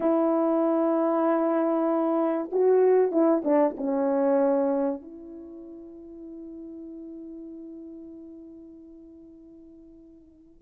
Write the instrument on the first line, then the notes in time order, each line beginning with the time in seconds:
horn
0.00 E4
2.52 F#4
3.11 E4
3.44 D4
3.77 C#4
5.01 E4